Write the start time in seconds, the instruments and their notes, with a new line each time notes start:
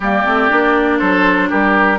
0.00 bassoon G3, clarinet A#3, oboe G4, flute D5
0.24 bassoon A3, clarinet C4
0.49 bassoon A#3, clarinet D4
0.98 bassoon F#3, oboe A4, flute C5
1.49 bassoon G3, oboe G4, flute A#4